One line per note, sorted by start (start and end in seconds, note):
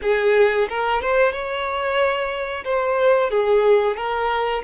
0.01 0.67 G#4
0.69 1.01 A#4
1.01 1.32 C5
1.32 2.64 C#5
2.64 3.30 C5
3.30 3.96 G#4
3.96 4.62 A#4